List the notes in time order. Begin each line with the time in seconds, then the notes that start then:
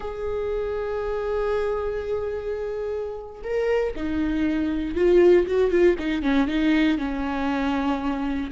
0.00 G#4
3.43 A#4
3.95 D#4
4.95 F4
5.46 F#4
5.70 F4
5.98 D#4
6.22 C#4
6.47 D#4
6.98 C#4